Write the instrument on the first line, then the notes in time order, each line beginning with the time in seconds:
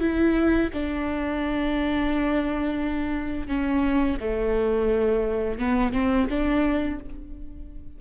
viola
0.00 E4
0.74 D4
3.48 C#4
4.20 A3
5.59 B3
5.93 C4
6.30 D4